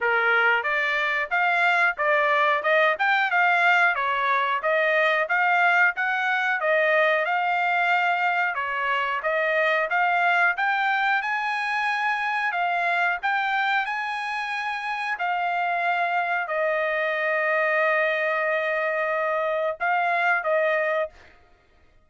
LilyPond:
\new Staff \with { instrumentName = "trumpet" } { \time 4/4 \tempo 4 = 91 ais'4 d''4 f''4 d''4 | dis''8 g''8 f''4 cis''4 dis''4 | f''4 fis''4 dis''4 f''4~ | f''4 cis''4 dis''4 f''4 |
g''4 gis''2 f''4 | g''4 gis''2 f''4~ | f''4 dis''2.~ | dis''2 f''4 dis''4 | }